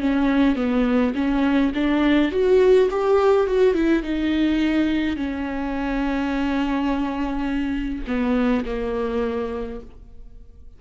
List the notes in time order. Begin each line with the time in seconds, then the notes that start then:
0.00 C#4
0.56 B3
1.15 C#4
1.74 D4
2.31 F#4
2.91 G4
3.47 F#4
3.74 E4
4.03 D#4
5.17 C#4
8.07 B3
8.65 A#3